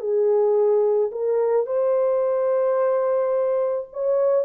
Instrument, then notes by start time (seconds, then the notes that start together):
horn
0.00 G#4
1.12 A#4
1.66 C5
3.93 C#5